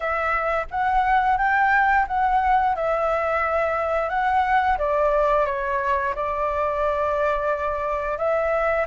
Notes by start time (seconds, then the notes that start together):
0.00 E5
0.70 F#5
1.37 G5
2.07 F#5
2.75 E5
4.09 F#5
4.77 D5
5.45 C#5
6.15 D5
8.18 E5